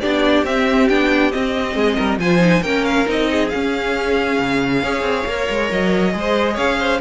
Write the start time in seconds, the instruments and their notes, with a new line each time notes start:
0.00 cello B3, viola D4, violin G4 D5
0.43 cello C4, viola C4, violin E5
0.88 cello B3, viola D4, violin G5
1.31 viola C4, cello C4, violin D#5
1.74 cello G#3, violin G#4
1.96 cello G3, violin A#4
2.18 cello F3, viola F4, violin C5 G#5
2.39 viola D#4
2.62 cello A#3, viola C#4, violin A#4 G5
2.84 violin F5
3.05 cello C4, viola D#4, violin D#5
3.30 violin G#4
3.49 viola C#4, cello C#4, violin F5
4.39 cello C#3
4.82 cello C#4, viola G#4, violin C#5
5.01 cello C4
5.26 cello A#3, viola A#4
5.49 cello G#3
5.71 cello F#3, violin D#5
6.11 cello G#3, viola G#4
6.18 violin C5
6.53 cello C#4, violin C#5 F5
6.79 violin C5